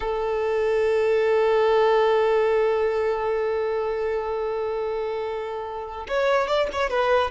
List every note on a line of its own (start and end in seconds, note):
0.00 6.06 A4
6.08 6.47 C#5
6.47 6.68 D5
6.72 6.90 C#5
6.90 7.30 B4